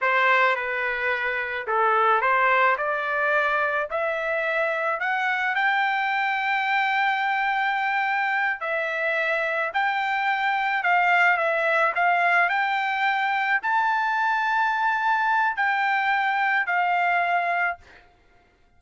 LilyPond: \new Staff \with { instrumentName = "trumpet" } { \time 4/4 \tempo 4 = 108 c''4 b'2 a'4 | c''4 d''2 e''4~ | e''4 fis''4 g''2~ | g''2.~ g''8 e''8~ |
e''4. g''2 f''8~ | f''8 e''4 f''4 g''4.~ | g''8 a''2.~ a''8 | g''2 f''2 | }